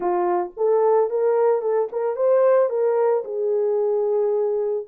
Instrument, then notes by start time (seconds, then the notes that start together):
horn
0.00 F4
0.56 A4
1.10 A#4
1.61 A4
1.92 A#4
2.16 C5
2.69 A#4
3.24 G#4